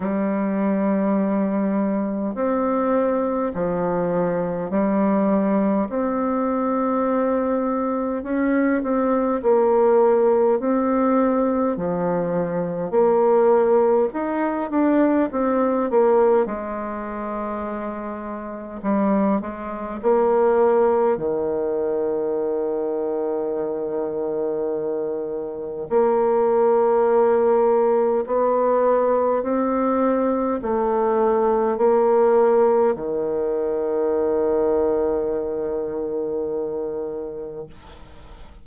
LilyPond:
\new Staff \with { instrumentName = "bassoon" } { \time 4/4 \tempo 4 = 51 g2 c'4 f4 | g4 c'2 cis'8 c'8 | ais4 c'4 f4 ais4 | dis'8 d'8 c'8 ais8 gis2 |
g8 gis8 ais4 dis2~ | dis2 ais2 | b4 c'4 a4 ais4 | dis1 | }